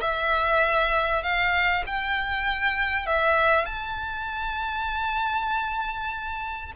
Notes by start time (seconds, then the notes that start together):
0.00 E5
1.22 F5
1.86 G5
3.06 E5
3.65 A5